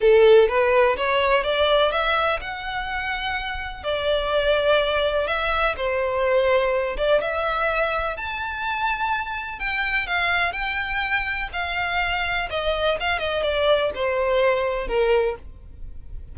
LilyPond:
\new Staff \with { instrumentName = "violin" } { \time 4/4 \tempo 4 = 125 a'4 b'4 cis''4 d''4 | e''4 fis''2. | d''2. e''4 | c''2~ c''8 d''8 e''4~ |
e''4 a''2. | g''4 f''4 g''2 | f''2 dis''4 f''8 dis''8 | d''4 c''2 ais'4 | }